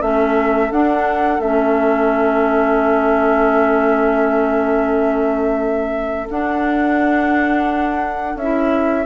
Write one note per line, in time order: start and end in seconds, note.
0.00 0.71 A3
0.00 0.72 C#4
0.00 9.06 A4
0.00 0.72 E5
0.71 1.40 D4
0.71 1.41 D4
0.71 1.41 F#5
1.40 6.28 A3
1.40 6.30 C#4
1.40 6.29 E5
6.31 8.40 D4
6.31 8.36 D4
6.31 8.38 F#5
8.36 9.06 C#4
8.36 9.06 E5
8.42 9.06 E4